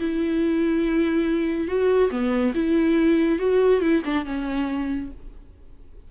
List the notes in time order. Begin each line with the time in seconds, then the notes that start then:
0.00 E4
1.68 F#4
2.11 B3
2.55 E4
3.39 F#4
3.82 E4
4.05 D4
4.26 C#4